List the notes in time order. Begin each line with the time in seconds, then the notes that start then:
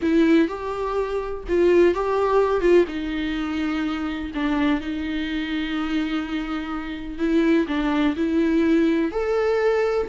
0.02 E4
0.48 G4
1.48 F4
1.94 G4
2.61 F4
2.87 D#4
4.34 D4
4.80 D#4
7.18 E4
7.67 D4
8.16 E4
9.11 A4